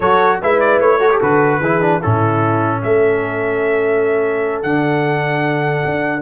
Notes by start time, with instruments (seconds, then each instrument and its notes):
0.00 tuba F#3, trombone F#4, horn A4, trumpet C#5
0.41 tuba G#3, trombone E4, horn B4, trumpet E5
0.59 trumpet D5
0.80 tuba A3, trumpet C#5
0.98 trombone F#4, horn A4
1.10 trombone G4
1.20 tuba D3, trombone F#4, trumpet B4
1.60 tuba E3, trombone E4, horn G#4
1.81 trombone D4
1.99 trombone C#4, horn E4, trumpet A4
2.05 tuba A2
2.82 tuba A3, horn A4, trumpet E5
4.62 tuba D3, trombone D4, trumpet F#5
5.84 tuba D4